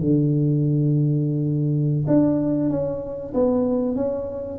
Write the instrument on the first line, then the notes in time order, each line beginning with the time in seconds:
tuba
0.00 D3
2.07 D4
2.70 C#4
3.34 B3
3.95 C#4